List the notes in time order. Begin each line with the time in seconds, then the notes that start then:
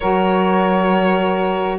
0.00 F#3 F#4 A#4 C#5